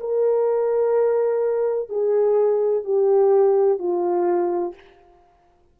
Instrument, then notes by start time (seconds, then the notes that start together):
horn
0.00 A#4
1.90 G#4
2.84 G4
3.79 F4